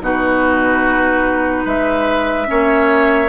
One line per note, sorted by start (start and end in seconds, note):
0.00 1.64 B2
0.00 2.46 D#4
0.00 1.64 F#4
0.00 1.67 B4
1.64 2.48 G#3
1.64 2.46 B4
1.64 3.29 E5
2.46 3.29 A#3
2.46 3.29 C#4
2.46 3.29 C#5